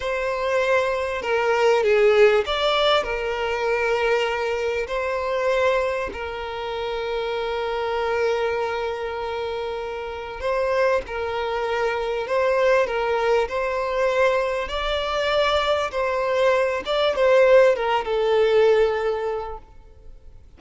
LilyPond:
\new Staff \with { instrumentName = "violin" } { \time 4/4 \tempo 4 = 98 c''2 ais'4 gis'4 | d''4 ais'2. | c''2 ais'2~ | ais'1~ |
ais'4 c''4 ais'2 | c''4 ais'4 c''2 | d''2 c''4. d''8 | c''4 ais'8 a'2~ a'8 | }